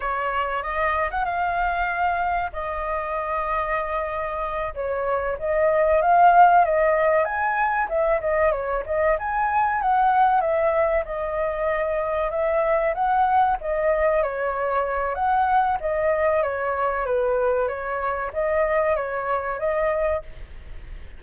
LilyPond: \new Staff \with { instrumentName = "flute" } { \time 4/4 \tempo 4 = 95 cis''4 dis''8. fis''16 f''2 | dis''2.~ dis''8 cis''8~ | cis''8 dis''4 f''4 dis''4 gis''8~ | gis''8 e''8 dis''8 cis''8 dis''8 gis''4 fis''8~ |
fis''8 e''4 dis''2 e''8~ | e''8 fis''4 dis''4 cis''4. | fis''4 dis''4 cis''4 b'4 | cis''4 dis''4 cis''4 dis''4 | }